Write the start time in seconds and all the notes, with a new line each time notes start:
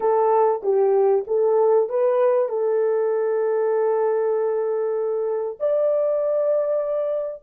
0.00 A4
0.62 G4
1.27 A4
1.89 B4
2.48 A4
5.59 D5